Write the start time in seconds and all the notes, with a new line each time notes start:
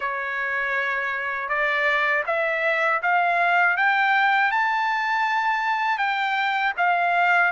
0.00 C#5
1.48 D5
2.26 E5
3.02 F5
3.76 G5
4.51 A5
5.98 G5
6.77 F5